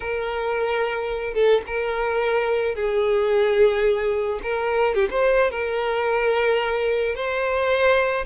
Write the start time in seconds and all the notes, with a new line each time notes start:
0.00 A#4
1.34 A4
1.66 A#4
2.75 G#4
4.43 A#4
4.94 G4
5.10 C5
5.50 A#4
7.15 C5